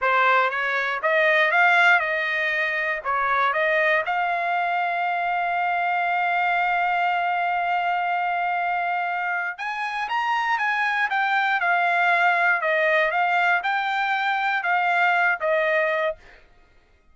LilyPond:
\new Staff \with { instrumentName = "trumpet" } { \time 4/4 \tempo 4 = 119 c''4 cis''4 dis''4 f''4 | dis''2 cis''4 dis''4 | f''1~ | f''1~ |
f''2. gis''4 | ais''4 gis''4 g''4 f''4~ | f''4 dis''4 f''4 g''4~ | g''4 f''4. dis''4. | }